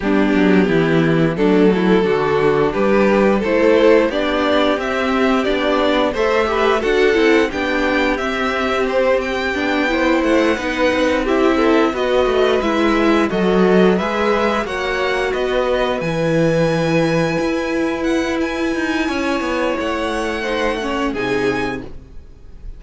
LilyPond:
<<
  \new Staff \with { instrumentName = "violin" } { \time 4/4 \tempo 4 = 88 g'2 a'2 | b'4 c''4 d''4 e''4 | d''4 e''4 fis''4 g''4 | e''4 c''8 g''4. fis''4~ |
fis''8 e''4 dis''4 e''4 dis''8~ | dis''8 e''4 fis''4 dis''4 gis''8~ | gis''2~ gis''8 fis''8 gis''4~ | gis''4 fis''2 gis''4 | }
  \new Staff \with { instrumentName = "violin" } { \time 4/4 d'4 e'4 d'8 e'8 fis'4 | g'4 a'4 g'2~ | g'4 c''8 b'8 a'4 g'4~ | g'2~ g'8 c''4 b'8~ |
b'8 g'8 a'8 b'2 fis'8~ | fis'8 b'4 cis''4 b'4.~ | b'1 | cis''2 c''8 cis''8 gis'4 | }
  \new Staff \with { instrumentName = "viola" } { \time 4/4 b2 a4 d'4~ | d'4 e'4 d'4 c'4 | d'4 a'8 g'8 fis'8 e'8 d'4 | c'2 d'8 e'4 dis'8~ |
dis'8 e'4 fis'4 e'4 a'8~ | a'8 gis'4 fis'2 e'8~ | e'1~ | e'2 dis'8 cis'8 dis'4 | }
  \new Staff \with { instrumentName = "cello" } { \time 4/4 g8 fis8 e4 fis4 d4 | g4 a4 b4 c'4 | b4 a4 d'8 c'8 b4 | c'2 b4 a8 b8 |
c'4. b8 a8 gis4 fis8~ | fis8 gis4 ais4 b4 e8~ | e4. e'2 dis'8 | cis'8 b8 a2 c4 | }
>>